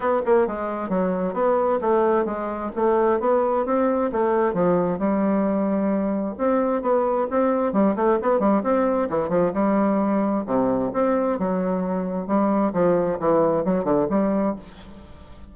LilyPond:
\new Staff \with { instrumentName = "bassoon" } { \time 4/4 \tempo 4 = 132 b8 ais8 gis4 fis4 b4 | a4 gis4 a4 b4 | c'4 a4 f4 g4~ | g2 c'4 b4 |
c'4 g8 a8 b8 g8 c'4 | e8 f8 g2 c4 | c'4 fis2 g4 | f4 e4 fis8 d8 g4 | }